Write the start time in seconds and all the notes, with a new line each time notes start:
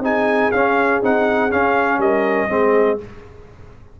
0.00 C4 D#4 G#4 G#5
0.52 C#4 F5
1.03 C4 D#4 F#5
1.50 C#4 F5
1.98 G3 A#4 D#5
2.49 G#3 C4 G#4